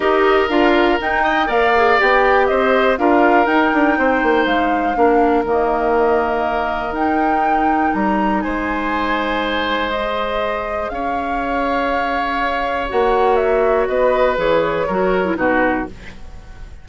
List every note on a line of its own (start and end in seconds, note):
0.00 0.49 D#4
0.00 0.49 G4
0.00 1.23 A#4
0.00 0.49 D#5
0.49 0.98 D4
0.49 0.99 F4
0.49 0.98 F5
1.01 1.48 D#4
1.01 1.46 D#4
1.01 1.50 G5
1.23 1.47 D#5
1.46 1.97 A#3
1.46 1.71 A#4
1.46 2.46 D5
1.46 2.00 F5
1.76 1.98 G#4
1.98 2.50 B3
1.98 2.97 G4
1.98 2.47 G5
2.47 2.98 C4
2.47 2.99 C5
2.47 2.96 D#5
2.97 3.46 D4
2.97 3.46 F4
2.97 3.98 A#4
2.97 3.46 F5
3.46 3.71 D#4
3.46 4.95 D#4
3.46 4.45 G5
3.73 3.97 D4
3.97 4.22 C4
3.97 4.97 C5
4.22 4.45 A#3
4.45 4.95 G#3
4.45 5.44 F5
4.95 5.44 A#3
4.95 5.44 D4
4.95 8.43 A#4
5.44 6.91 D#3
5.44 6.95 A#3
5.44 6.94 D#5
6.91 7.90 D#4
6.91 9.92 D#4
6.91 7.93 G5
7.93 8.43 G3
7.93 8.41 A#5
8.41 10.90 G#3
8.41 10.91 C5
8.41 9.90 G#5
9.90 12.89 G#4
9.90 10.89 D#5
10.89 12.88 C#4
10.89 13.88 C#5
10.89 12.87 F5
12.89 13.87 A#3
12.89 14.36 F#4
12.89 13.35 F#5
13.35 13.85 E5
13.87 14.37 B3
13.87 14.86 B4
13.87 14.36 D#5
14.36 14.86 E3
14.36 14.86 G#4
14.36 15.36 C#5
14.86 15.36 F#3
14.86 15.24 F#4
14.86 15.36 A#4
15.24 15.36 E4
15.36 15.86 B2
15.36 15.85 D#4
15.36 15.88 F#4
15.36 15.86 B4